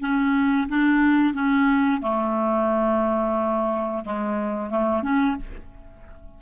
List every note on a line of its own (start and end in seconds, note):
0.00 0.67 C#4
0.68 1.33 D4
1.33 2.01 C#4
2.01 4.04 A3
4.05 4.70 G#3
4.70 5.02 A3
5.02 5.36 C#4